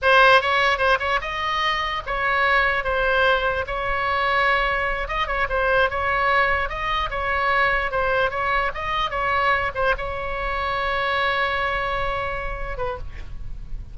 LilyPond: \new Staff \with { instrumentName = "oboe" } { \time 4/4 \tempo 4 = 148 c''4 cis''4 c''8 cis''8 dis''4~ | dis''4 cis''2 c''4~ | c''4 cis''2.~ | cis''8 dis''8 cis''8 c''4 cis''4.~ |
cis''8 dis''4 cis''2 c''8~ | c''8 cis''4 dis''4 cis''4. | c''8 cis''2.~ cis''8~ | cis''2.~ cis''8 b'8 | }